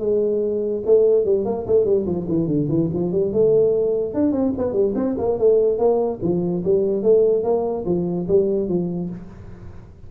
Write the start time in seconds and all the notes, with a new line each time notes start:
0.00 G#3
0.86 A3
1.25 G3
1.46 A#3
1.67 A3
1.85 G3
2.07 F3
2.29 E3
2.48 D3
2.69 E3
2.94 F3
3.13 G3
3.33 A3
4.14 D4
4.32 C4
4.58 B3
4.73 G3
4.96 C4
5.19 A#3
5.39 A3
5.79 A#3
6.22 F3
6.65 G3
7.03 A3
7.44 A#3
7.86 F3
8.28 G3
8.69 F3